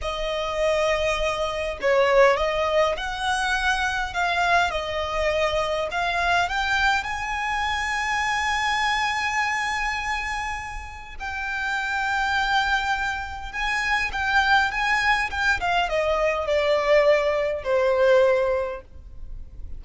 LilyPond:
\new Staff \with { instrumentName = "violin" } { \time 4/4 \tempo 4 = 102 dis''2. cis''4 | dis''4 fis''2 f''4 | dis''2 f''4 g''4 | gis''1~ |
gis''2. g''4~ | g''2. gis''4 | g''4 gis''4 g''8 f''8 dis''4 | d''2 c''2 | }